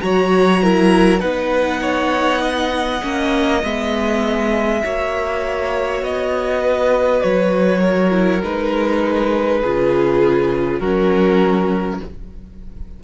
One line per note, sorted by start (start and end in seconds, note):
0.00 1.22 F#3
0.00 0.60 F#4
0.00 0.63 C#5
0.00 1.20 A#5
0.63 1.19 E4
0.63 1.20 A#4
1.19 3.02 B3
1.19 2.99 D#4
1.19 1.79 B4
1.19 3.60 F#5
1.81 2.41 C#5
2.41 4.81 D#5
3.02 3.63 A#3
3.02 3.62 C#4
3.63 4.83 G#3
3.63 4.83 B3
3.63 6.03 E5
4.83 6.02 A#3
4.83 8.11 F#4
4.83 6.61 C#5
6.02 7.22 B3
6.02 7.21 D#5
6.61 7.80 B4
7.21 8.43 F#3
7.21 8.41 C#5
7.80 9.60 A#4
8.11 8.40 E4
8.43 9.63 G#3
8.43 9.63 D#4
8.43 10.79 B4
9.60 10.80 C#3
9.60 10.83 F4
9.60 10.80 G#4
10.79 12.00 F#3
10.79 12.03 C#4
10.79 12.00 F#4
10.79 11.99 A#4